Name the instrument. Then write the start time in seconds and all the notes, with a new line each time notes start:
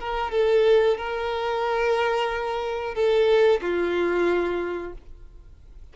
violin
0.00 A#4
0.32 A4
0.98 A#4
2.95 A4
3.62 F4